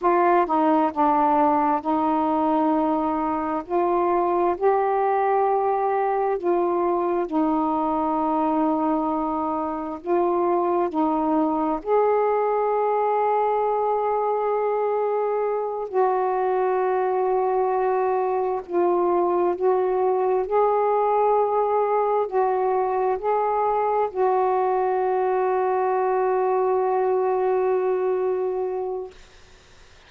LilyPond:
\new Staff \with { instrumentName = "saxophone" } { \time 4/4 \tempo 4 = 66 f'8 dis'8 d'4 dis'2 | f'4 g'2 f'4 | dis'2. f'4 | dis'4 gis'2.~ |
gis'4. fis'2~ fis'8~ | fis'8 f'4 fis'4 gis'4.~ | gis'8 fis'4 gis'4 fis'4.~ | fis'1 | }